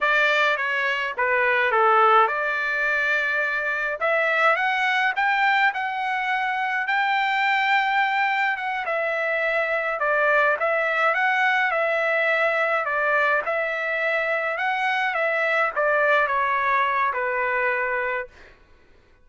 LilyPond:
\new Staff \with { instrumentName = "trumpet" } { \time 4/4 \tempo 4 = 105 d''4 cis''4 b'4 a'4 | d''2. e''4 | fis''4 g''4 fis''2 | g''2. fis''8 e''8~ |
e''4. d''4 e''4 fis''8~ | fis''8 e''2 d''4 e''8~ | e''4. fis''4 e''4 d''8~ | d''8 cis''4. b'2 | }